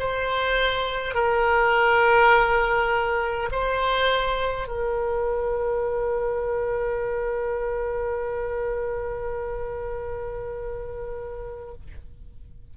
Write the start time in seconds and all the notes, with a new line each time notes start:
0.00 C5
1.14 A#4
3.52 C5
4.68 A#4